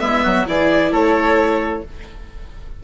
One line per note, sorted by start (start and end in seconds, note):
0.00 0.25 G#3
0.00 0.45 B3
0.00 0.24 E4
0.00 0.46 E5
0.24 0.47 F#3
0.24 0.46 F#4
0.47 0.92 E3
0.47 1.83 E4
0.47 0.92 G#4
0.47 0.93 D5
0.92 1.83 A3
0.92 1.83 A4
0.92 1.84 C#5